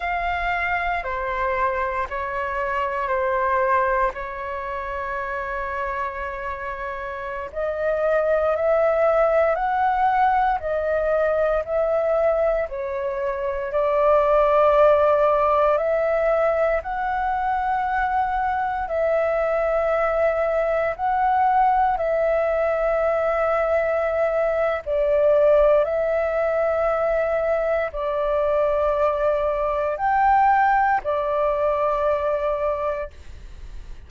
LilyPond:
\new Staff \with { instrumentName = "flute" } { \time 4/4 \tempo 4 = 58 f''4 c''4 cis''4 c''4 | cis''2.~ cis''16 dis''8.~ | dis''16 e''4 fis''4 dis''4 e''8.~ | e''16 cis''4 d''2 e''8.~ |
e''16 fis''2 e''4.~ e''16~ | e''16 fis''4 e''2~ e''8. | d''4 e''2 d''4~ | d''4 g''4 d''2 | }